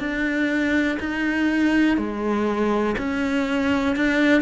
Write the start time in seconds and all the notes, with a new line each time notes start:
0.00 D4
1.00 D#4
1.98 G#3
2.98 C#4
3.96 D4